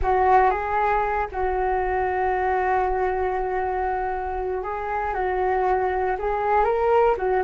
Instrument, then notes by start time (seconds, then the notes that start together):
flute
0.02 F#4
0.50 G#4
1.31 F#4
4.62 G#4
5.14 F#4
6.18 G#4
6.64 A#4
7.17 F#4